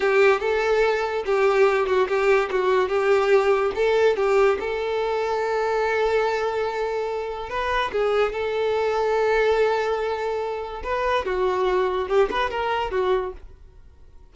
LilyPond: \new Staff \with { instrumentName = "violin" } { \time 4/4 \tempo 4 = 144 g'4 a'2 g'4~ | g'8 fis'8 g'4 fis'4 g'4~ | g'4 a'4 g'4 a'4~ | a'1~ |
a'2 b'4 gis'4 | a'1~ | a'2 b'4 fis'4~ | fis'4 g'8 b'8 ais'4 fis'4 | }